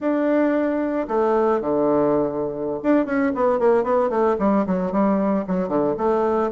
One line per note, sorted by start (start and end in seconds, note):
0.00 1.07 D4
1.08 1.60 A3
1.60 2.80 D3
2.82 3.05 D4
3.05 3.32 C#4
3.35 3.59 B3
3.59 3.83 A#3
3.83 4.09 B3
4.09 4.36 A3
4.39 4.65 G3
4.66 4.92 F#3
4.92 5.45 G3
5.47 5.68 F#3
5.68 5.94 D3
5.97 6.50 A3